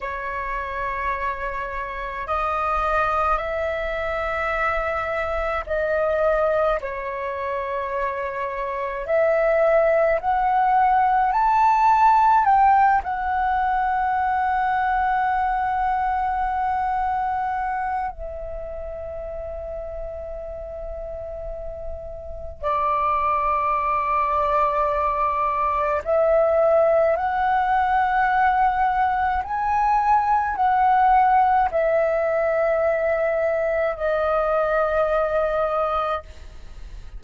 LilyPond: \new Staff \with { instrumentName = "flute" } { \time 4/4 \tempo 4 = 53 cis''2 dis''4 e''4~ | e''4 dis''4 cis''2 | e''4 fis''4 a''4 g''8 fis''8~ | fis''1 |
e''1 | d''2. e''4 | fis''2 gis''4 fis''4 | e''2 dis''2 | }